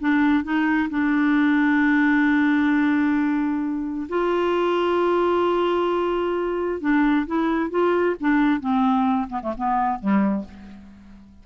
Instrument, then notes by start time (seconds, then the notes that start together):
clarinet
0.00 D4
0.44 D#4
0.90 D4
4.09 F4
6.80 D4
7.26 E4
7.70 F4
8.20 D4
8.60 C4
9.29 B3
9.42 A3
9.57 B3
9.99 G3